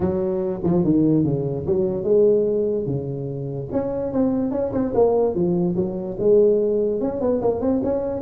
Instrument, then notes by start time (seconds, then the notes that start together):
tuba
0.00 F#3
0.63 F3
0.84 D#3
1.24 C#3
1.66 F#3
2.03 G#3
2.86 C#3
3.72 C#4
4.12 C4
4.51 C#4
4.72 C4
4.94 A#3
5.34 F3
5.76 F#3
6.19 G#3
7.00 C#4
7.20 B3
7.41 A#3
7.60 C4
7.83 C#4